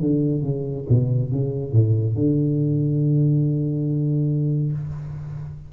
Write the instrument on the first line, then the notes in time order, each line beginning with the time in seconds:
tuba
0.00 D3
0.42 C#3
0.88 B2
1.31 C#3
1.72 A2
2.15 D3